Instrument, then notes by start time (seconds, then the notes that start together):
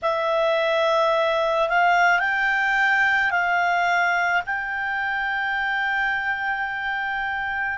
clarinet
0.02 E5
1.68 F5
2.19 G5
3.30 F5
4.45 G5